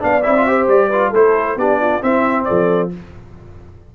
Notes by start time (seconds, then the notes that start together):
0.00 B3 D4 D5 F5
0.22 C4 E4 E5
0.37 F4
0.47 G4 C5
0.67 G3 D5
0.88 F4 B4
1.09 A3 E4 A4 C5
1.56 B3 D4 G4 D5
1.80 F4
2.01 C4 E4 E5
2.44 F3 A4 D5